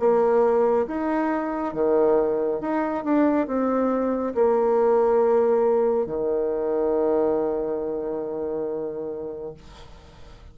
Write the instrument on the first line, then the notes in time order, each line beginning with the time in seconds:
bassoon
0.00 A#3
0.87 D#4
1.74 D#3
2.61 D#4
3.05 D4
3.47 C4
4.35 A#3
6.07 D#3